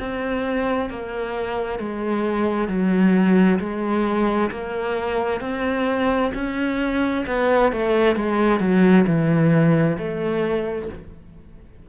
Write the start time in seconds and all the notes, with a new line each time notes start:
0.00 C4
0.90 A#3
1.79 G#3
2.68 F#3
3.60 G#3
4.51 A#3
5.41 C4
6.34 C#4
7.27 B3
7.72 A3
8.16 G#3
8.60 F#3
9.07 E3
9.98 A3